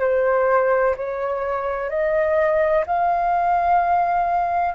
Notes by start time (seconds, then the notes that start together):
0.00 C5
0.97 C#5
1.90 D#5
2.86 F5